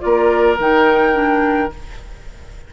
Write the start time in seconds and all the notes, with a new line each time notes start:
0.00 A#3 F4 A#4 D5
0.59 D#3 D#4 G5
1.12 D4